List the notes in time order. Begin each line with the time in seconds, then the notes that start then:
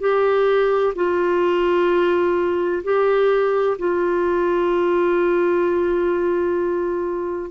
0.00 G4
0.95 F4
2.83 G4
3.78 F4